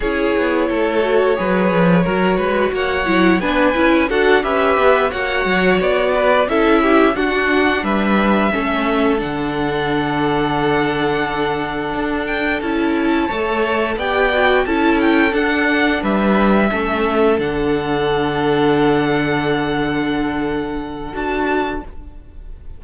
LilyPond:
<<
  \new Staff \with { instrumentName = "violin" } { \time 4/4 \tempo 4 = 88 cis''1 | fis''4 gis''4 fis''8 e''4 fis''8~ | fis''8 d''4 e''4 fis''4 e''8~ | e''4. fis''2~ fis''8~ |
fis''2 g''8 a''4.~ | a''8 g''4 a''8 g''8 fis''4 e''8~ | e''4. fis''2~ fis''8~ | fis''2. a''4 | }
  \new Staff \with { instrumentName = "violin" } { \time 4/4 gis'4 a'4 b'4 ais'8 b'8 | cis''4 b'4 a'8 b'4 cis''8~ | cis''4 b'8 a'8 g'8 fis'4 b'8~ | b'8 a'2.~ a'8~ |
a'2.~ a'8 cis''8~ | cis''8 d''4 a'2 b'8~ | b'8 a'2.~ a'8~ | a'1 | }
  \new Staff \with { instrumentName = "viola" } { \time 4/4 e'4. fis'8 gis'4 fis'4~ | fis'8 e'8 d'8 e'8 fis'8 g'4 fis'8~ | fis'4. e'4 d'4.~ | d'8 cis'4 d'2~ d'8~ |
d'2~ d'8 e'4 a'8~ | a'8 g'8 fis'8 e'4 d'4.~ | d'8 cis'4 d'2~ d'8~ | d'2. fis'4 | }
  \new Staff \with { instrumentName = "cello" } { \time 4/4 cis'8 b8 a4 fis8 f8 fis8 gis8 | ais8 fis8 b8 cis'8 d'8 cis'8 b8 ais8 | fis8 b4 cis'4 d'4 g8~ | g8 a4 d2~ d8~ |
d4. d'4 cis'4 a8~ | a8 b4 cis'4 d'4 g8~ | g8 a4 d2~ d8~ | d2. d'4 | }
>>